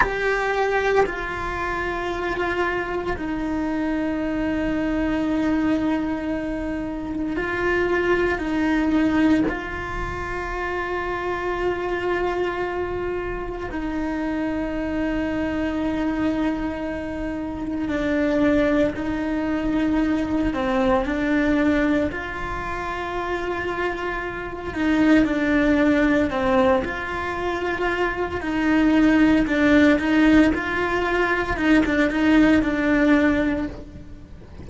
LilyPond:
\new Staff \with { instrumentName = "cello" } { \time 4/4 \tempo 4 = 57 g'4 f'2 dis'4~ | dis'2. f'4 | dis'4 f'2.~ | f'4 dis'2.~ |
dis'4 d'4 dis'4. c'8 | d'4 f'2~ f'8 dis'8 | d'4 c'8 f'4. dis'4 | d'8 dis'8 f'4 dis'16 d'16 dis'8 d'4 | }